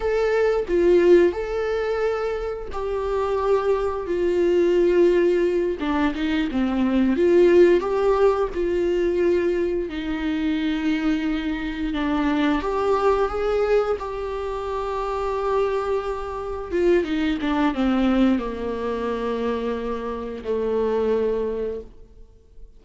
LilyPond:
\new Staff \with { instrumentName = "viola" } { \time 4/4 \tempo 4 = 88 a'4 f'4 a'2 | g'2 f'2~ | f'8 d'8 dis'8 c'4 f'4 g'8~ | g'8 f'2 dis'4.~ |
dis'4. d'4 g'4 gis'8~ | gis'8 g'2.~ g'8~ | g'8 f'8 dis'8 d'8 c'4 ais4~ | ais2 a2 | }